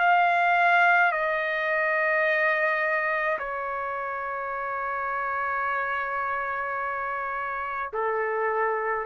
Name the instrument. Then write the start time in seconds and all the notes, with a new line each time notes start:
trumpet
0.00 F5
1.12 D#5
3.39 C#5
7.93 A4